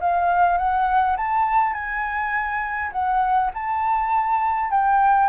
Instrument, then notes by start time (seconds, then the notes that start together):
flute
0.00 F5
0.57 F#5
1.16 A5
1.73 G#5
2.92 F#5
3.53 A5
4.70 G5